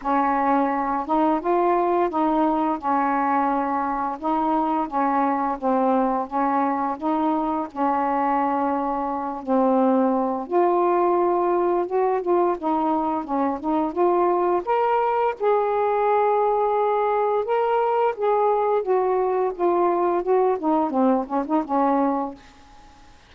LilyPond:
\new Staff \with { instrumentName = "saxophone" } { \time 4/4 \tempo 4 = 86 cis'4. dis'8 f'4 dis'4 | cis'2 dis'4 cis'4 | c'4 cis'4 dis'4 cis'4~ | cis'4. c'4. f'4~ |
f'4 fis'8 f'8 dis'4 cis'8 dis'8 | f'4 ais'4 gis'2~ | gis'4 ais'4 gis'4 fis'4 | f'4 fis'8 dis'8 c'8 cis'16 dis'16 cis'4 | }